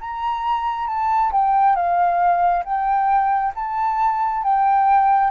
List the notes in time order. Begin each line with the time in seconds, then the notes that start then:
0.00 A#5
0.87 A5
1.32 G5
1.75 F5
2.64 G5
3.55 A5
4.43 G5